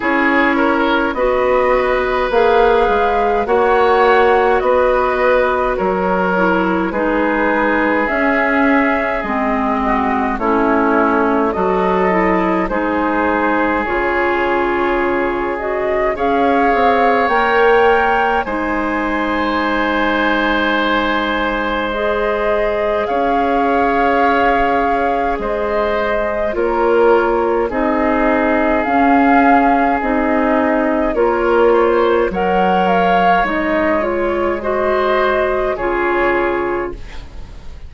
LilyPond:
<<
  \new Staff \with { instrumentName = "flute" } { \time 4/4 \tempo 4 = 52 cis''4 dis''4 f''4 fis''4 | dis''4 cis''4 b'4 e''4 | dis''4 cis''4 dis''4 c''4 | cis''4. dis''8 f''4 g''4 |
gis''2. dis''4 | f''2 dis''4 cis''4 | dis''4 f''4 dis''4 cis''4 | fis''8 f''8 dis''8 cis''8 dis''4 cis''4 | }
  \new Staff \with { instrumentName = "oboe" } { \time 4/4 gis'8 ais'8 b'2 cis''4 | b'4 ais'4 gis'2~ | gis'8 fis'8 e'4 a'4 gis'4~ | gis'2 cis''2 |
c''1 | cis''2 c''4 ais'4 | gis'2. ais'8 c''8 | cis''2 c''4 gis'4 | }
  \new Staff \with { instrumentName = "clarinet" } { \time 4/4 e'4 fis'4 gis'4 fis'4~ | fis'4. e'8 dis'4 cis'4 | c'4 cis'4 fis'8 e'8 dis'4 | f'4. fis'8 gis'4 ais'4 |
dis'2. gis'4~ | gis'2. f'4 | dis'4 cis'4 dis'4 f'4 | ais'4 dis'8 f'8 fis'4 f'4 | }
  \new Staff \with { instrumentName = "bassoon" } { \time 4/4 cis'4 b4 ais8 gis8 ais4 | b4 fis4 gis4 cis'4 | gis4 a4 fis4 gis4 | cis2 cis'8 c'8 ais4 |
gis1 | cis'2 gis4 ais4 | c'4 cis'4 c'4 ais4 | fis4 gis2 cis4 | }
>>